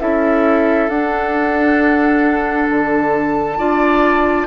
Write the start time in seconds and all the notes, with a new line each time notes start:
0.00 C#4 E4 A4 E5
0.89 D4 F#5
2.70 D3 A5
3.58 D4 F4 D5